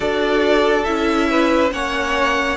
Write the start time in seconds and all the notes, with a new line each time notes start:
0.00 D4 F#4 A4 D5
0.84 C#4 E4 E5
1.30 B4
1.71 A#3 C#4 C#5 F#5